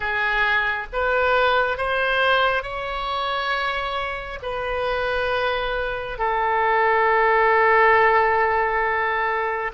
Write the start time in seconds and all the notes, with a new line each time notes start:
0.00 G#4
0.92 B4
1.77 C5
2.62 C#5
4.42 B4
6.18 A4